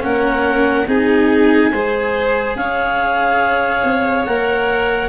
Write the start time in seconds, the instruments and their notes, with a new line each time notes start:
0.00 tuba A#3, cello C#4, violin A#4, clarinet F#5
0.87 tuba C4, cello D#4, violin G#4, clarinet G#5
1.72 tuba G#3, cello G#4, violin C5
2.56 tuba C#4, violin C#5, clarinet F5
3.84 tuba C4
4.25 tuba A#3, cello A#4, clarinet F#5